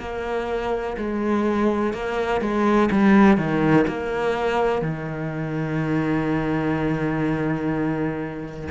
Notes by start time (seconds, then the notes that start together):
0.00 A#3
0.98 G#3
1.94 A#3
2.41 G#3
2.92 G3
3.38 D#3
3.88 A#3
4.82 D#3